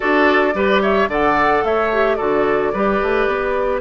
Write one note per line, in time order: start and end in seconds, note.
0.00 0.54 D4
0.00 0.53 F#4
0.00 0.54 A4
0.00 0.80 D5
0.54 1.07 G3
0.54 1.09 G4
0.54 0.82 B4
0.81 1.09 C#5
0.81 1.09 E5
1.07 1.62 D3
1.07 1.91 A4
1.07 1.64 D5
1.07 1.64 F#5
1.63 2.18 A3
1.63 2.17 C#5
1.63 2.15 E5
1.92 2.18 G4
2.15 2.73 D3
2.15 2.73 F#4
2.15 2.71 A4
2.15 3.79 D5
2.73 3.00 G3
2.73 3.80 G4
2.73 3.80 B4
3.02 3.27 A3
3.27 3.80 B3